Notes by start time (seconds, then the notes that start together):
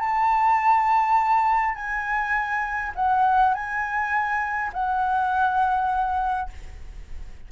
0.00 A5
1.75 G#5
2.95 F#5
3.54 G#5
4.74 F#5